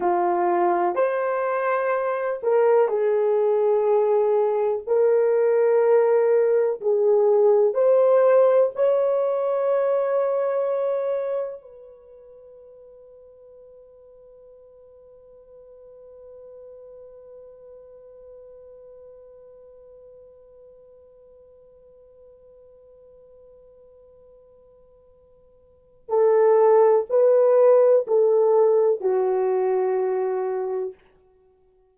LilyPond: \new Staff \with { instrumentName = "horn" } { \time 4/4 \tempo 4 = 62 f'4 c''4. ais'8 gis'4~ | gis'4 ais'2 gis'4 | c''4 cis''2. | b'1~ |
b'1~ | b'1~ | b'2. a'4 | b'4 a'4 fis'2 | }